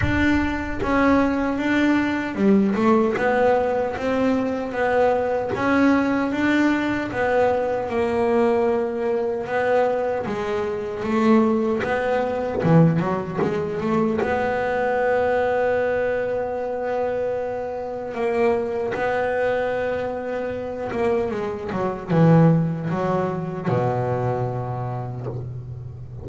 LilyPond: \new Staff \with { instrumentName = "double bass" } { \time 4/4 \tempo 4 = 76 d'4 cis'4 d'4 g8 a8 | b4 c'4 b4 cis'4 | d'4 b4 ais2 | b4 gis4 a4 b4 |
e8 fis8 gis8 a8 b2~ | b2. ais4 | b2~ b8 ais8 gis8 fis8 | e4 fis4 b,2 | }